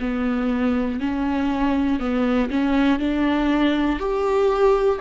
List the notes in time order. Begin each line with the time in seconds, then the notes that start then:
0.00 B3
1.00 C#4
2.00 B3
2.50 C#4
3.00 D4
3.99 G4